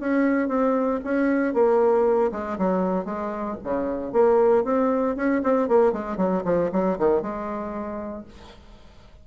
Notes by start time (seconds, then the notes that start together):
0.00 C#4
0.48 C4
1.04 C#4
1.54 A#3
2.32 G#3
2.58 F#3
3.05 G#3
3.64 C#3
4.13 A#3
4.64 C4
5.16 C#4
5.44 C4
5.68 A#3
5.93 G#3
6.17 F#3
6.45 F3
6.72 F#3
6.99 D#3
7.22 G#3